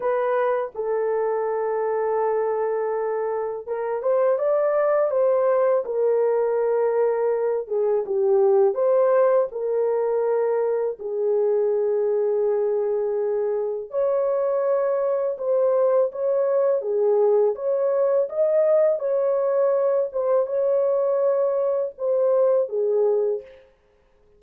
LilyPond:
\new Staff \with { instrumentName = "horn" } { \time 4/4 \tempo 4 = 82 b'4 a'2.~ | a'4 ais'8 c''8 d''4 c''4 | ais'2~ ais'8 gis'8 g'4 | c''4 ais'2 gis'4~ |
gis'2. cis''4~ | cis''4 c''4 cis''4 gis'4 | cis''4 dis''4 cis''4. c''8 | cis''2 c''4 gis'4 | }